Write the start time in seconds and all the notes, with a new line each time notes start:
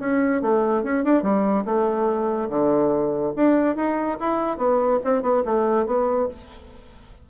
0.00 C#4
0.42 A3
0.84 C#4
1.05 D4
1.23 G3
1.65 A3
2.49 D3
3.36 D4
3.76 D#4
4.20 E4
4.58 B3
5.04 C4
5.22 B3
5.45 A3
5.86 B3